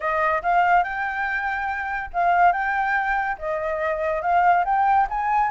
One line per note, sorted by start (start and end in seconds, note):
0.00 0.41 D#5
0.42 0.83 F5
0.83 2.10 G5
2.13 2.52 F5
2.52 3.36 G5
3.38 4.22 D#5
4.22 4.64 F5
4.64 5.07 G5
5.09 5.50 G#5